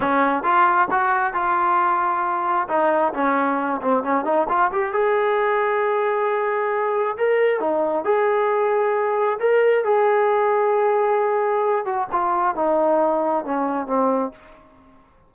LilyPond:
\new Staff \with { instrumentName = "trombone" } { \time 4/4 \tempo 4 = 134 cis'4 f'4 fis'4 f'4~ | f'2 dis'4 cis'4~ | cis'8 c'8 cis'8 dis'8 f'8 g'8 gis'4~ | gis'1 |
ais'4 dis'4 gis'2~ | gis'4 ais'4 gis'2~ | gis'2~ gis'8 fis'8 f'4 | dis'2 cis'4 c'4 | }